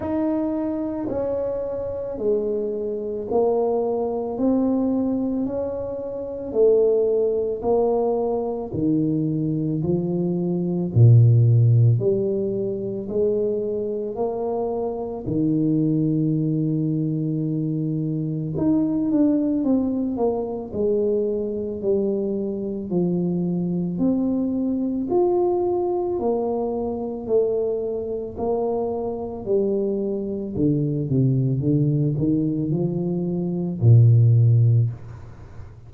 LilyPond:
\new Staff \with { instrumentName = "tuba" } { \time 4/4 \tempo 4 = 55 dis'4 cis'4 gis4 ais4 | c'4 cis'4 a4 ais4 | dis4 f4 ais,4 g4 | gis4 ais4 dis2~ |
dis4 dis'8 d'8 c'8 ais8 gis4 | g4 f4 c'4 f'4 | ais4 a4 ais4 g4 | d8 c8 d8 dis8 f4 ais,4 | }